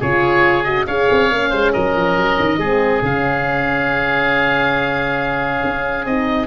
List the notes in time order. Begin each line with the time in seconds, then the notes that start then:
0.00 C#3 F4 G#4 C#5
0.64 F#4 D#5
0.87 C#4 G#4 C#5 F5
1.11 C4
1.31 A#3 C#4
1.50 G#3 C5
1.73 F#3 A#4 D#5
1.95 F3
2.17 F#3
2.39 D#3
2.58 G#3 C4 G#4
3.02 C#3 C#4 F5
5.65 C#4
6.05 C4 D#4 D#5